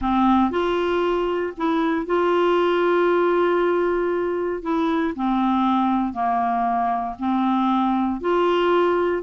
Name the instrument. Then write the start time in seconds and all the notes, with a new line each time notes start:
clarinet
0.01 C4
0.50 F4
1.57 E4
2.06 F4
4.62 E4
5.15 C4
6.13 A#3
7.19 C4
8.21 F4